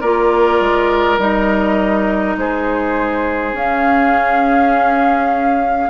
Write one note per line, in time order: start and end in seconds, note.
0.00 0.60 A#3
0.00 1.18 F4
0.00 2.35 A#4
0.00 1.18 D5
0.60 1.18 G#3
1.18 2.36 G3
1.18 3.54 D#4
1.18 2.37 D#5
2.37 3.52 G#3
2.37 5.89 G#4
2.37 3.56 C5
3.52 5.88 C#4
3.52 5.89 C#4
3.52 5.89 F5